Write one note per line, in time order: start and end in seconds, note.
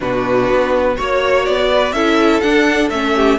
0.00 0.49 B2
0.00 0.97 D4
0.00 0.95 F#4
0.00 0.97 B4
0.49 0.98 B3
0.95 1.48 A#3
0.95 1.94 F#4
0.95 1.68 C#5
0.95 1.45 C#5
1.45 1.92 B3
1.45 1.92 D5
1.73 1.94 B4
1.92 2.40 C#4
1.92 2.42 E4
1.92 3.15 A4
1.92 2.40 E5
2.40 2.90 D4
2.40 2.89 F#5
2.90 3.38 A3
2.90 3.38 C#4
2.90 3.38 E5
3.15 3.38 G4